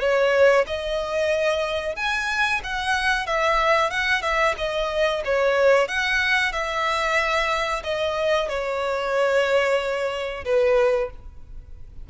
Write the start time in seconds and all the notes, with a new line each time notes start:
0.00 C#5
0.67 D#5
1.96 G#5
2.64 F#5
3.26 E5
3.90 F#5
4.22 E5
4.58 D#5
5.25 C#5
5.88 F#5
6.52 E5
7.83 D#5
8.49 C#5
10.45 B4